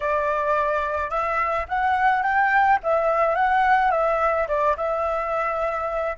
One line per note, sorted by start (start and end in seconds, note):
0.00 1.10 D5
1.10 1.66 E5
1.68 2.22 F#5
2.22 2.78 G5
2.83 3.35 E5
3.35 3.91 F#5
3.91 4.47 E5
4.48 4.76 D5
4.77 6.17 E5